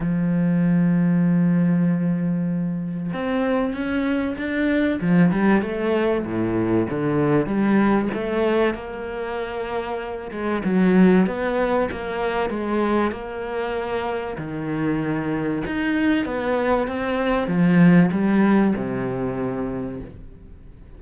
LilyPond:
\new Staff \with { instrumentName = "cello" } { \time 4/4 \tempo 4 = 96 f1~ | f4 c'4 cis'4 d'4 | f8 g8 a4 a,4 d4 | g4 a4 ais2~ |
ais8 gis8 fis4 b4 ais4 | gis4 ais2 dis4~ | dis4 dis'4 b4 c'4 | f4 g4 c2 | }